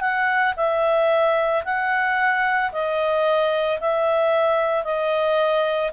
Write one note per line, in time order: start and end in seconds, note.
0.00 0.54 F#5
0.56 1.63 E5
1.64 2.71 F#5
2.72 3.79 D#5
3.79 4.84 E5
4.84 5.91 D#5